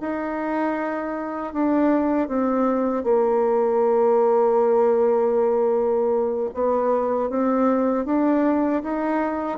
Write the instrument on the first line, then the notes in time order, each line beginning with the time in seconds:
bassoon
0.00 D#4
1.53 D4
2.28 C4
3.03 A#3
6.54 B3
7.29 C4
8.05 D4
8.83 D#4